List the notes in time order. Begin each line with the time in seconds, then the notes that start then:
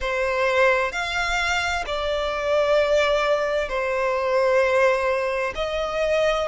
0.00 C5
0.92 F5
1.86 D5
3.68 C5
5.55 D#5